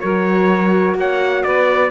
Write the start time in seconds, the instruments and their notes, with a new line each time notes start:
0.00 cello F#3, horn F#4, saxophone A#4, trumpet C#5
0.95 cello A#3, saxophone C#5, trumpet F#5
1.43 cello B3, saxophone B4, trumpet D5